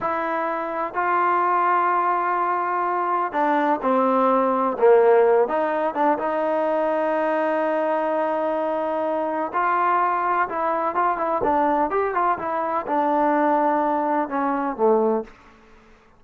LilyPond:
\new Staff \with { instrumentName = "trombone" } { \time 4/4 \tempo 4 = 126 e'2 f'2~ | f'2. d'4 | c'2 ais4. dis'8~ | dis'8 d'8 dis'2.~ |
dis'1 | f'2 e'4 f'8 e'8 | d'4 g'8 f'8 e'4 d'4~ | d'2 cis'4 a4 | }